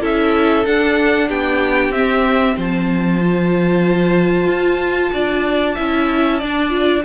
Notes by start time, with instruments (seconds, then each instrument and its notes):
0.00 cello C#4, viola E4, violin A4 E5
0.65 viola D4, cello D4, violin F#5
1.28 cello B3, violin G4 G5
1.89 cello C4, viola C4, violin E5
2.56 cello F3, violin C5 A5
3.21 viola F4
4.47 cello F4
5.12 cello D4, violin D5
5.75 cello C#4, viola E4, violin E5
6.39 cello D4, viola D4, violin D5
6.69 viola F4